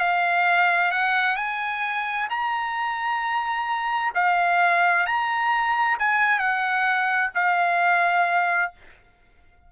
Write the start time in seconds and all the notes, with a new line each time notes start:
0.00 F5
0.91 F#5
1.36 G#5
2.30 A#5
4.15 F5
5.06 A#5
5.99 G#5
6.39 F#5
7.35 F5